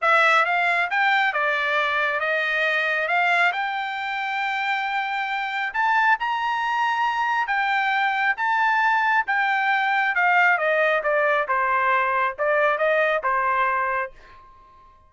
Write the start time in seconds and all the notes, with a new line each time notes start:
0.01 E5
0.45 F5
0.90 G5
1.33 D5
2.20 D#5
3.08 F5
3.52 G5
5.73 A5
6.19 A#5
7.47 G5
8.36 A5
9.26 G5
10.15 F5
10.58 D#5
11.03 D5
11.47 C5
12.38 D5
12.77 D#5
13.23 C5